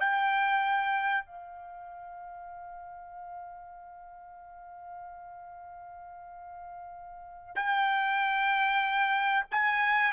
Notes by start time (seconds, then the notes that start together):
0.00 G5
1.26 F5
7.56 G5
9.51 G#5